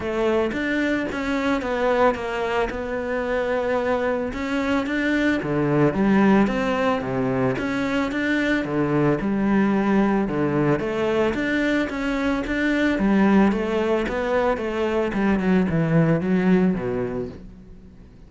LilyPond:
\new Staff \with { instrumentName = "cello" } { \time 4/4 \tempo 4 = 111 a4 d'4 cis'4 b4 | ais4 b2. | cis'4 d'4 d4 g4 | c'4 c4 cis'4 d'4 |
d4 g2 d4 | a4 d'4 cis'4 d'4 | g4 a4 b4 a4 | g8 fis8 e4 fis4 b,4 | }